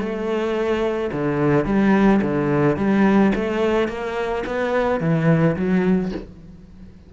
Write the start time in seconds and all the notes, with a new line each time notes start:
0.00 A3
1.13 D3
1.66 G3
2.22 D3
2.77 G3
3.36 A3
3.89 A#3
4.46 B3
5.01 E3
5.57 F#3